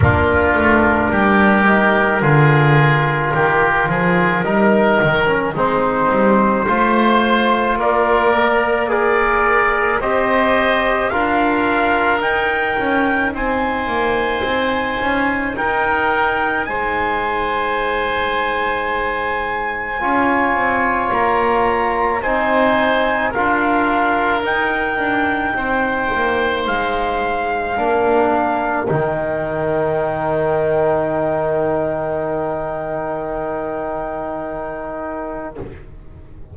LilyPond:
<<
  \new Staff \with { instrumentName = "trumpet" } { \time 4/4 \tempo 4 = 54 ais'1~ | ais'4 c''2 d''4 | ais'4 dis''4 f''4 g''4 | gis''2 g''4 gis''4~ |
gis''2. ais''4 | gis''4 f''4 g''2 | f''2 g''2~ | g''1 | }
  \new Staff \with { instrumentName = "oboe" } { \time 4/4 f'4 g'4 gis'4 g'8 gis'8 | ais'4 dis'4 c''4 ais'4 | d''4 c''4 ais'2 | c''2 ais'4 c''4~ |
c''2 cis''2 | c''4 ais'2 c''4~ | c''4 ais'2.~ | ais'1 | }
  \new Staff \with { instrumentName = "trombone" } { \time 4/4 d'4. dis'8 f'2 | dis'8. cis'16 c'4 f'4. ais'8 | gis'4 g'4 f'4 dis'4~ | dis'1~ |
dis'2 f'2 | dis'4 f'4 dis'2~ | dis'4 d'4 dis'2~ | dis'1 | }
  \new Staff \with { instrumentName = "double bass" } { \time 4/4 ais8 a8 g4 d4 dis8 f8 | g8 dis8 gis8 g8 a4 ais4~ | ais4 c'4 d'4 dis'8 cis'8 | c'8 ais8 c'8 cis'8 dis'4 gis4~ |
gis2 cis'8 c'8 ais4 | c'4 d'4 dis'8 d'8 c'8 ais8 | gis4 ais4 dis2~ | dis1 | }
>>